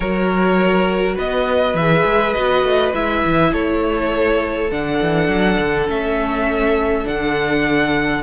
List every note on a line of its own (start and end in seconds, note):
0.00 1.17 F#3
0.00 1.77 F#4
0.00 1.15 A#4
0.00 1.16 C#5
1.15 1.74 B3
1.15 3.50 B4
1.15 1.76 D#5
1.74 2.03 E3
1.74 2.36 G#4
1.74 2.33 E5
2.04 2.34 G#3
2.33 2.63 B3
2.33 2.94 F#4
2.33 2.91 D#5
2.63 2.93 A3
2.94 3.24 G#3
2.94 4.70 E4
2.94 3.53 E5
3.25 3.53 E3
3.52 4.70 A3
3.52 8.22 A4
3.52 4.71 C#5
4.70 5.00 D3
4.70 5.87 D4
4.70 5.89 F#5
5.01 5.28 E3
5.28 5.57 F#3
5.59 5.87 D3
5.87 7.05 A3
5.87 7.03 C#4
5.87 7.07 E5
7.03 8.23 D3
7.03 8.21 D4
7.03 8.23 F#5